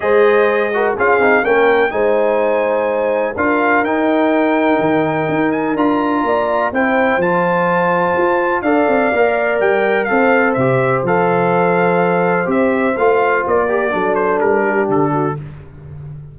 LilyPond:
<<
  \new Staff \with { instrumentName = "trumpet" } { \time 4/4 \tempo 4 = 125 dis''2 f''4 g''4 | gis''2. f''4 | g''2.~ g''8 gis''8 | ais''2 g''4 a''4~ |
a''2 f''2 | g''4 f''4 e''4 f''4~ | f''2 e''4 f''4 | d''4. c''8 ais'4 a'4 | }
  \new Staff \with { instrumentName = "horn" } { \time 4/4 c''4. ais'8 gis'4 ais'4 | c''2. ais'4~ | ais'1~ | ais'4 d''4 c''2~ |
c''2 d''2~ | d''4 c''2.~ | c''1~ | c''8 ais'8 a'4. g'4 fis'8 | }
  \new Staff \with { instrumentName = "trombone" } { \time 4/4 gis'4. fis'8 f'8 dis'8 cis'4 | dis'2. f'4 | dis'1 | f'2 e'4 f'4~ |
f'2 a'4 ais'4~ | ais'4 a'4 g'4 a'4~ | a'2 g'4 f'4~ | f'8 g'8 d'2. | }
  \new Staff \with { instrumentName = "tuba" } { \time 4/4 gis2 cis'8 c'8 ais4 | gis2. d'4 | dis'2 dis4 dis'4 | d'4 ais4 c'4 f4~ |
f4 f'4 d'8 c'8 ais4 | g4 c'4 c4 f4~ | f2 c'4 a4 | ais4 fis4 g4 d4 | }
>>